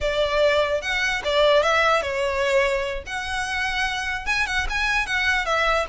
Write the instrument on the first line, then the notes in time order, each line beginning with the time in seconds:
violin
0.00 D5
0.81 F#5
1.24 D5
1.62 E5
2.02 C#5
3.06 F#5
4.26 G#5
4.46 F#5
4.69 G#5
5.06 F#5
5.45 E5